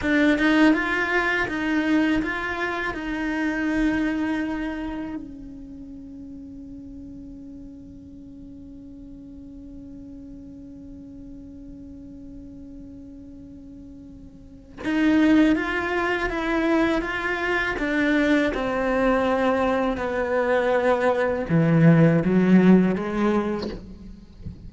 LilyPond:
\new Staff \with { instrumentName = "cello" } { \time 4/4 \tempo 4 = 81 d'8 dis'8 f'4 dis'4 f'4 | dis'2. cis'4~ | cis'1~ | cis'1~ |
cis'1 | dis'4 f'4 e'4 f'4 | d'4 c'2 b4~ | b4 e4 fis4 gis4 | }